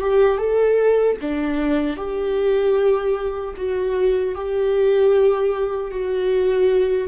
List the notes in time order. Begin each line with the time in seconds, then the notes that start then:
0.00 G4
0.38 A4
1.21 D4
1.96 G4
3.56 F#4
4.35 G4
5.91 F#4